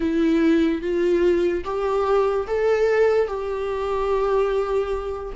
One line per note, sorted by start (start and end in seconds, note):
0.00 0.81 E4
0.81 1.64 F4
1.64 2.46 G4
2.47 3.27 A4
3.27 5.33 G4